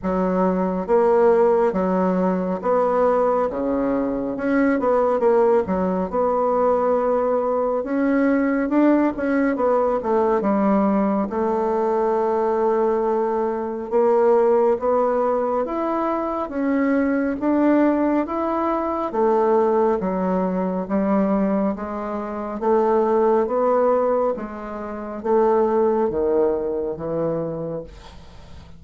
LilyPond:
\new Staff \with { instrumentName = "bassoon" } { \time 4/4 \tempo 4 = 69 fis4 ais4 fis4 b4 | cis4 cis'8 b8 ais8 fis8 b4~ | b4 cis'4 d'8 cis'8 b8 a8 | g4 a2. |
ais4 b4 e'4 cis'4 | d'4 e'4 a4 fis4 | g4 gis4 a4 b4 | gis4 a4 dis4 e4 | }